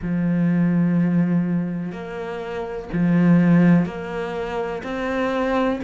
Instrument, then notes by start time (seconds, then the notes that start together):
cello
0.01 F3
1.91 A#3
2.93 F3
3.85 A#3
4.83 C4